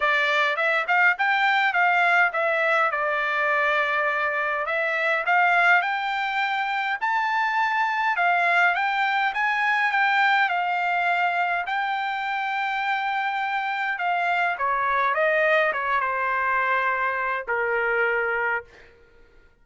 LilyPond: \new Staff \with { instrumentName = "trumpet" } { \time 4/4 \tempo 4 = 103 d''4 e''8 f''8 g''4 f''4 | e''4 d''2. | e''4 f''4 g''2 | a''2 f''4 g''4 |
gis''4 g''4 f''2 | g''1 | f''4 cis''4 dis''4 cis''8 c''8~ | c''2 ais'2 | }